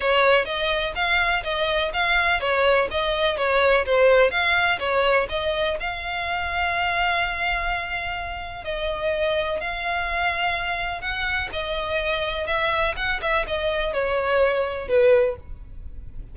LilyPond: \new Staff \with { instrumentName = "violin" } { \time 4/4 \tempo 4 = 125 cis''4 dis''4 f''4 dis''4 | f''4 cis''4 dis''4 cis''4 | c''4 f''4 cis''4 dis''4 | f''1~ |
f''2 dis''2 | f''2. fis''4 | dis''2 e''4 fis''8 e''8 | dis''4 cis''2 b'4 | }